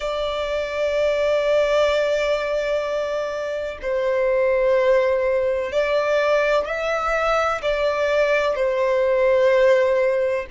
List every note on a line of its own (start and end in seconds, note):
0.00 3.78 D5
3.82 5.71 C5
5.71 6.65 D5
6.65 7.61 E5
7.62 8.55 D5
8.55 10.45 C5